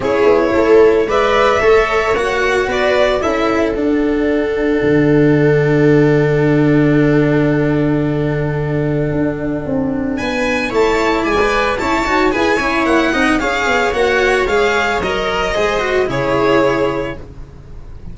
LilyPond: <<
  \new Staff \with { instrumentName = "violin" } { \time 4/4 \tempo 4 = 112 cis''2 e''2 | fis''4 d''4 e''4 fis''4~ | fis''1~ | fis''1~ |
fis''2. gis''4 | a''4 gis''4 a''4 gis''4 | fis''4 f''4 fis''4 f''4 | dis''2 cis''2 | }
  \new Staff \with { instrumentName = "viola" } { \time 4/4 gis'4 a'4 d''4 cis''4~ | cis''4 b'4 a'2~ | a'1~ | a'1~ |
a'2. b'4 | cis''4 d''4 cis''4 b'8 cis''8~ | cis''8 dis''8 cis''2.~ | cis''4 c''4 gis'2 | }
  \new Staff \with { instrumentName = "cello" } { \time 4/4 e'2 b'4 a'4 | fis'2 e'4 d'4~ | d'1~ | d'1~ |
d'1 | e'4~ e'16 b'8. e'8 fis'8 gis'8 e'8~ | e'8 dis'8 gis'4 fis'4 gis'4 | ais'4 gis'8 fis'8 e'2 | }
  \new Staff \with { instrumentName = "tuba" } { \time 4/4 cis'8 b8 a4 gis4 a4 | ais4 b4 cis'4 d'4~ | d'4 d2.~ | d1~ |
d4 d'4 c'4 b4 | a4 gis4 cis'8 dis'8 e'8 cis'8 | ais8 c'8 cis'8 b8 ais4 gis4 | fis4 gis4 cis2 | }
>>